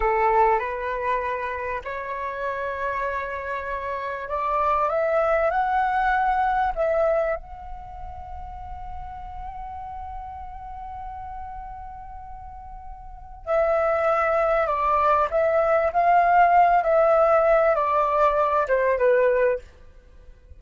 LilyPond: \new Staff \with { instrumentName = "flute" } { \time 4/4 \tempo 4 = 98 a'4 b'2 cis''4~ | cis''2. d''4 | e''4 fis''2 e''4 | fis''1~ |
fis''1~ | fis''2 e''2 | d''4 e''4 f''4. e''8~ | e''4 d''4. c''8 b'4 | }